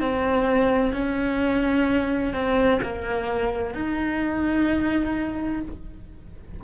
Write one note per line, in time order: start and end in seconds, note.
0.00 0.93 C4
0.93 2.33 C#4
2.33 2.80 C4
2.83 3.74 A#3
3.74 5.62 D#4